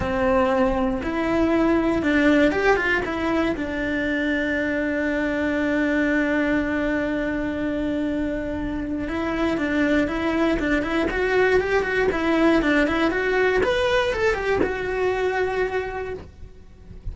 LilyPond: \new Staff \with { instrumentName = "cello" } { \time 4/4 \tempo 4 = 119 c'2 e'2 | d'4 g'8 f'8 e'4 d'4~ | d'1~ | d'1~ |
d'2 e'4 d'4 | e'4 d'8 e'8 fis'4 g'8 fis'8 | e'4 d'8 e'8 fis'4 b'4 | a'8 g'8 fis'2. | }